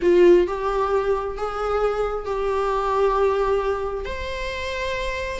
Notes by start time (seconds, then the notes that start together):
0.02 F4
0.47 G4
1.37 G#4
2.25 G4
4.05 C5